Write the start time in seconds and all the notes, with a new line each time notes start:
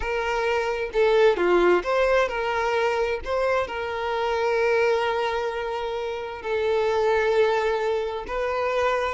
0.00 A#4
0.93 A4
1.36 F4
1.83 C5
2.28 A#4
3.24 C5
3.67 A#4
6.42 A4
8.27 B4